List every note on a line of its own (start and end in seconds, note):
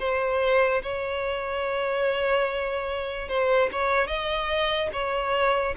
0.00 0.82 C5
0.83 3.29 C#5
3.29 3.70 C5
3.72 4.08 C#5
4.08 4.90 D#5
4.93 5.75 C#5